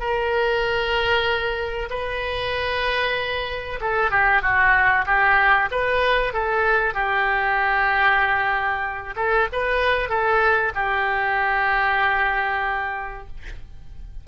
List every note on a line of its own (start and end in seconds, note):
0.00 1.89 A#4
1.90 3.80 B4
3.81 4.11 A4
4.11 4.42 G4
4.42 5.06 F#4
5.06 5.69 G4
5.72 6.33 B4
6.33 6.94 A4
6.94 9.15 G4
9.16 9.48 A4
9.53 10.10 B4
10.10 10.73 A4
10.75 13.28 G4